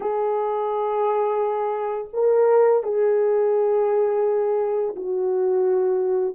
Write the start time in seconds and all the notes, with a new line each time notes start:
0.00 G#4
2.13 A#4
2.83 G#4
4.96 F#4